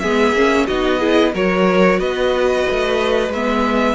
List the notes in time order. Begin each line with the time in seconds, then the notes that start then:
0.00 G#3 B3 G#4 E5
0.33 A#3 C#4
0.67 B3 D#4 F#4 D#5
1.00 E4 G#4
1.34 F#3 F#4 A#4 C#5
1.99 B3 B4 D#5
2.70 A3
3.29 G#3 E5
3.36 B3